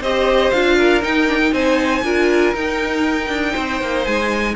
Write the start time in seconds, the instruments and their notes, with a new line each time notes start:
0.00 cello C4, viola G4, violin C5 D#5
0.51 cello D4, viola F4, violin F5
0.77 violin A#4
1.01 viola D#4, cello D#4, violin G5
1.27 viola D4
1.39 viola D#4
1.52 cello C4, violin C5 G#5
2.03 cello D4, viola F4, violin A#4
2.54 cello D#4, viola D#4, violin G5
3.29 cello D4
3.52 cello C4, violin C5
3.81 cello A#3
4.04 cello G#3, violin G#5